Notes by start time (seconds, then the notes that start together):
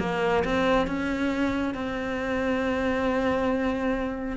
0.00 A#3
0.45 C4
0.87 C#4
1.74 C4